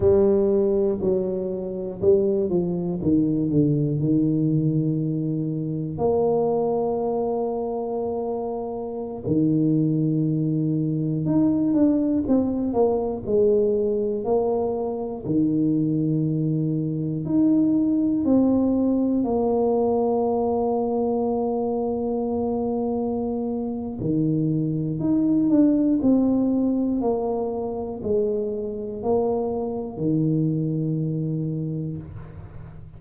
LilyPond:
\new Staff \with { instrumentName = "tuba" } { \time 4/4 \tempo 4 = 60 g4 fis4 g8 f8 dis8 d8 | dis2 ais2~ | ais4~ ais16 dis2 dis'8 d'16~ | d'16 c'8 ais8 gis4 ais4 dis8.~ |
dis4~ dis16 dis'4 c'4 ais8.~ | ais1 | dis4 dis'8 d'8 c'4 ais4 | gis4 ais4 dis2 | }